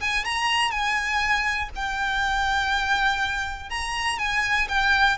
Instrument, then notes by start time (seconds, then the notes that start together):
violin
0.00 G#5
0.25 A#5
0.71 G#5
1.75 G5
3.70 A#5
4.18 G#5
4.69 G5